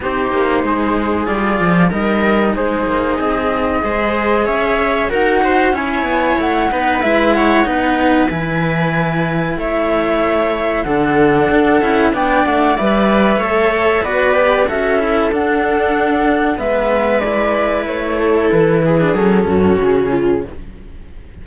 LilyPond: <<
  \new Staff \with { instrumentName = "flute" } { \time 4/4 \tempo 4 = 94 c''2 d''4 dis''4 | c''4 dis''2 e''4 | fis''4 gis''4 fis''4 e''8 fis''8~ | fis''4 gis''2 e''4~ |
e''4 fis''2 g''8 fis''8 | e''2 d''4 e''4 | fis''2 e''4 d''4 | cis''4 b'4 a'4 gis'4 | }
  \new Staff \with { instrumentName = "viola" } { \time 4/4 g'4 gis'2 ais'4 | gis'2 c''4 cis''4 | ais'8 c''8 cis''4. b'4 cis''8 | b'2. cis''4~ |
cis''4 a'2 d''4~ | d''4 cis''4 b'4 a'4~ | a'2 b'2~ | b'8 a'4 gis'4 fis'4 f'8 | }
  \new Staff \with { instrumentName = "cello" } { \time 4/4 dis'2 f'4 dis'4~ | dis'2 gis'2 | fis'4 e'4. dis'8 e'4 | dis'4 e'2.~ |
e'4 d'4. e'8 d'4 | b'4 a'4 fis'8 g'8 fis'8 e'8 | d'2 b4 e'4~ | e'4.~ e'16 d'16 cis'2 | }
  \new Staff \with { instrumentName = "cello" } { \time 4/4 c'8 ais8 gis4 g8 f8 g4 | gis8 ais8 c'4 gis4 cis'4 | dis'4 cis'8 b8 a8 b8 gis4 | b4 e2 a4~ |
a4 d4 d'8 cis'8 b8 a8 | g4 a4 b4 cis'4 | d'2 gis2 | a4 e4 fis8 fis,8 cis4 | }
>>